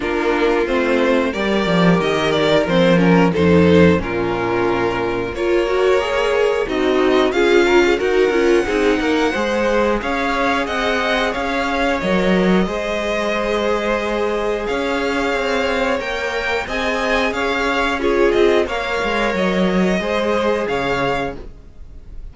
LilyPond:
<<
  \new Staff \with { instrumentName = "violin" } { \time 4/4 \tempo 4 = 90 ais'4 c''4 d''4 dis''8 d''8 | c''8 ais'8 c''4 ais'2 | cis''2 dis''4 f''4 | fis''2. f''4 |
fis''4 f''4 dis''2~ | dis''2 f''2 | g''4 gis''4 f''4 cis''8 dis''8 | f''4 dis''2 f''4 | }
  \new Staff \with { instrumentName = "violin" } { \time 4/4 f'2 ais'2~ | ais'4 a'4 f'2 | ais'2 dis'4 gis'8 ais'16 gis'16 | ais'4 gis'8 ais'8 c''4 cis''4 |
dis''4 cis''2 c''4~ | c''2 cis''2~ | cis''4 dis''4 cis''4 gis'4 | cis''2 c''4 cis''4 | }
  \new Staff \with { instrumentName = "viola" } { \time 4/4 d'4 c'4 g'2 | c'8 cis'8 dis'4 cis'2 | f'8 fis'8 gis'4 fis'4 f'4 | fis'8 f'8 dis'4 gis'2~ |
gis'2 ais'4 gis'4~ | gis'1 | ais'4 gis'2 f'4 | ais'2 gis'2 | }
  \new Staff \with { instrumentName = "cello" } { \time 4/4 ais4 a4 g8 f8 dis4 | f4 f,4 ais,2 | ais2 c'4 cis'4 | dis'8 cis'8 c'8 ais8 gis4 cis'4 |
c'4 cis'4 fis4 gis4~ | gis2 cis'4 c'4 | ais4 c'4 cis'4. c'8 | ais8 gis8 fis4 gis4 cis4 | }
>>